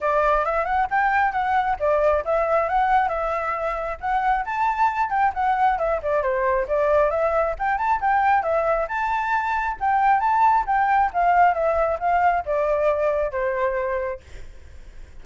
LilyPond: \new Staff \with { instrumentName = "flute" } { \time 4/4 \tempo 4 = 135 d''4 e''8 fis''8 g''4 fis''4 | d''4 e''4 fis''4 e''4~ | e''4 fis''4 a''4. g''8 | fis''4 e''8 d''8 c''4 d''4 |
e''4 g''8 a''8 g''4 e''4 | a''2 g''4 a''4 | g''4 f''4 e''4 f''4 | d''2 c''2 | }